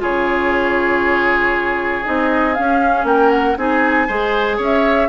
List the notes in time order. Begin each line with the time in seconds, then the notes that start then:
0.00 C#3 F4 G#4 C#5
2.04 C4 D#4 D#5
2.55 C#4 F5
3.04 A#3 A#4 G5
3.31 F#5
3.57 C4 D#4 G#4 G#5
4.08 G#3 G#4 C5
4.57 C#4 C#5
4.64 E5